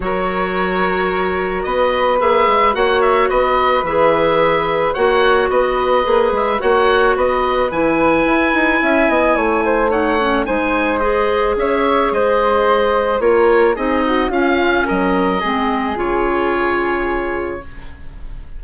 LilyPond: <<
  \new Staff \with { instrumentName = "oboe" } { \time 4/4 \tempo 4 = 109 cis''2. dis''4 | e''4 fis''8 e''8 dis''4 e''4~ | e''4 fis''4 dis''4. e''8 | fis''4 dis''4 gis''2~ |
gis''2 fis''4 gis''4 | dis''4 e''4 dis''2 | cis''4 dis''4 f''4 dis''4~ | dis''4 cis''2. | }
  \new Staff \with { instrumentName = "flute" } { \time 4/4 ais'2. b'4~ | b'4 cis''4 b'2~ | b'4 cis''4 b'2 | cis''4 b'2. |
e''8 dis''8 cis''8 c''8 cis''4 c''4~ | c''4 cis''4 c''2 | ais'4 gis'8 fis'8 f'4 ais'4 | gis'1 | }
  \new Staff \with { instrumentName = "clarinet" } { \time 4/4 fis'1 | gis'4 fis'2 gis'4~ | gis'4 fis'2 gis'4 | fis'2 e'2~ |
e'2 dis'8 cis'8 dis'4 | gis'1 | f'4 dis'4 cis'2 | c'4 f'2. | }
  \new Staff \with { instrumentName = "bassoon" } { \time 4/4 fis2. b4 | ais8 gis8 ais4 b4 e4~ | e4 ais4 b4 ais8 gis8 | ais4 b4 e4 e'8 dis'8 |
cis'8 b8 a2 gis4~ | gis4 cis'4 gis2 | ais4 c'4 cis'4 fis4 | gis4 cis2. | }
>>